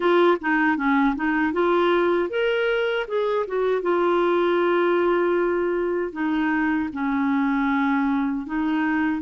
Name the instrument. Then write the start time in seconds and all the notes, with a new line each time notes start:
clarinet
0.00 F4
0.41 D#4
0.76 C#4
1.15 D#4
1.52 F4
2.29 A#4
3.07 G#4
3.47 F#4
3.82 F4
6.12 D#4
6.92 C#4
8.46 D#4